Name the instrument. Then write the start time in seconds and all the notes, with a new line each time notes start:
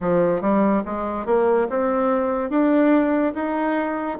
bassoon
0.00 F3
0.41 G3
0.85 G#3
1.26 A#3
1.69 C4
2.50 D4
3.34 D#4